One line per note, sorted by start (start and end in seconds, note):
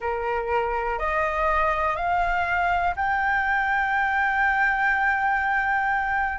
0.00 0.98 A#4
0.98 1.96 D#5
1.96 2.94 F5
2.96 6.38 G5